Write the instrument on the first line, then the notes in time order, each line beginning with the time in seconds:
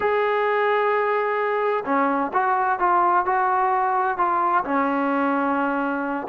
trombone
0.00 G#4
1.85 C#4
2.33 F#4
2.79 F4
3.25 F#4
4.17 F4
4.64 C#4